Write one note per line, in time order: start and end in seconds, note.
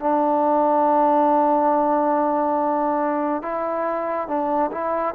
0.00 3.42 D4
3.42 4.28 E4
4.28 4.71 D4
4.71 5.14 E4